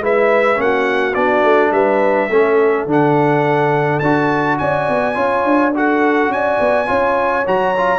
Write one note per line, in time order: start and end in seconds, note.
0.00 0.57 G#3
0.00 0.55 E4
0.00 0.60 B4
0.00 0.61 E5
0.55 1.16 A#3
0.55 1.12 C#4
0.61 1.72 F#4
0.61 1.15 F#5
1.15 1.44 B3
1.15 2.30 D4
1.15 1.72 D5
1.44 1.72 A3
1.72 2.29 G3
1.72 2.30 B4
1.72 2.87 E5
2.30 2.86 A3
2.30 2.88 C#4
2.30 4.60 A4
2.86 4.00 D3
2.86 4.02 D4
2.92 4.00 F#5
4.00 4.59 D4
4.00 5.15 F#4
4.00 4.57 A5
4.59 4.89 C#4
4.59 5.16 D5
4.59 5.73 G#5
4.89 5.16 B3
5.15 5.44 C#4
5.15 5.72 F4
5.15 5.73 C#5
5.44 6.29 D4
5.75 6.87 F#4
5.75 6.33 A4
5.75 6.33 F#5
6.29 6.58 C#4
6.29 6.88 D5
6.29 7.47 G#5
6.60 6.89 B3
6.87 7.46 C#4
6.87 7.44 F4
6.87 7.99 C#5
7.46 7.99 F#3
7.46 7.75 F#4
7.46 7.99 A#5
7.78 7.99 F4